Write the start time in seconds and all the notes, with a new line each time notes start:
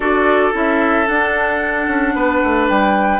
0.00 D4 F#4 A4 D5
0.52 C#4 E4 E5
1.07 D4 F#5
1.87 C#4
2.14 B3 B4
2.43 A3
2.68 G3 G5